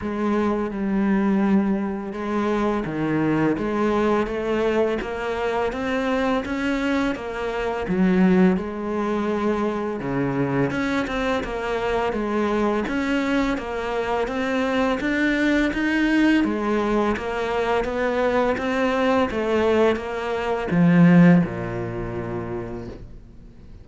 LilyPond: \new Staff \with { instrumentName = "cello" } { \time 4/4 \tempo 4 = 84 gis4 g2 gis4 | dis4 gis4 a4 ais4 | c'4 cis'4 ais4 fis4 | gis2 cis4 cis'8 c'8 |
ais4 gis4 cis'4 ais4 | c'4 d'4 dis'4 gis4 | ais4 b4 c'4 a4 | ais4 f4 ais,2 | }